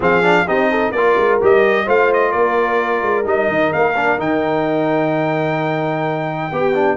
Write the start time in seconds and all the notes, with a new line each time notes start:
0.00 F3 C4 G#4 F5
0.22 D4
0.47 C4 D#4 G4 D#5
0.70 A4
0.91 A#3 F4 A#4 D5
1.16 G#3
1.41 G3 G4 D#5
1.85 A3 F4 C5 F5
2.13 D#5
2.31 A#3 A#4 D5
3.02 G#3
3.24 G3 D#4 D#5
3.48 D#3
3.73 A#3 F5
3.95 D4
4.18 D#3 D#4 G5
6.52 B3 G4
6.74 D4